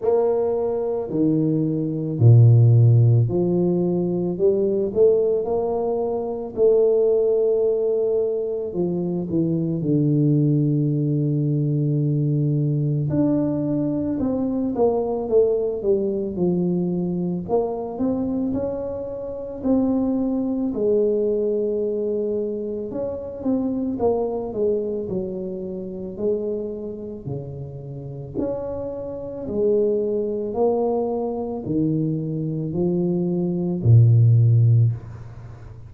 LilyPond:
\new Staff \with { instrumentName = "tuba" } { \time 4/4 \tempo 4 = 55 ais4 dis4 ais,4 f4 | g8 a8 ais4 a2 | f8 e8 d2. | d'4 c'8 ais8 a8 g8 f4 |
ais8 c'8 cis'4 c'4 gis4~ | gis4 cis'8 c'8 ais8 gis8 fis4 | gis4 cis4 cis'4 gis4 | ais4 dis4 f4 ais,4 | }